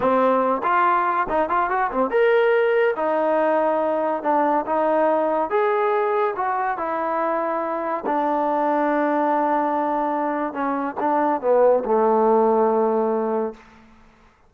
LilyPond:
\new Staff \with { instrumentName = "trombone" } { \time 4/4 \tempo 4 = 142 c'4. f'4. dis'8 f'8 | fis'8 c'8 ais'2 dis'4~ | dis'2 d'4 dis'4~ | dis'4 gis'2 fis'4 |
e'2. d'4~ | d'1~ | d'4 cis'4 d'4 b4 | a1 | }